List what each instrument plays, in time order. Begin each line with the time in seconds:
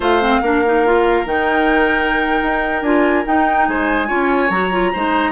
0.00 bassoon A3, clarinet F4, oboe C5, flute F5
0.21 clarinet C4
0.42 bassoon A#3, clarinet D4, oboe A#4
0.65 clarinet D#4
0.85 clarinet F4
1.25 bassoon D#3, clarinet D#4, flute G5
2.42 bassoon D#4
2.82 bassoon D4, clarinet F4, flute G#5
3.25 clarinet D#4, bassoon D#4, flute G5
3.67 bassoon G#3, oboe C5, flute G#5
4.07 bassoon C#4, clarinet F4, oboe C#5
4.49 bassoon F#3, clarinet F#4, flute A#5
4.72 clarinet F4
4.92 bassoon G#3, clarinet D#4, oboe C5